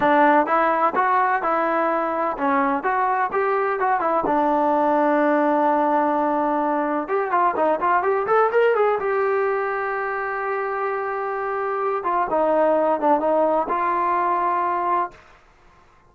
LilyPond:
\new Staff \with { instrumentName = "trombone" } { \time 4/4 \tempo 4 = 127 d'4 e'4 fis'4 e'4~ | e'4 cis'4 fis'4 g'4 | fis'8 e'8 d'2.~ | d'2. g'8 f'8 |
dis'8 f'8 g'8 a'8 ais'8 gis'8 g'4~ | g'1~ | g'4. f'8 dis'4. d'8 | dis'4 f'2. | }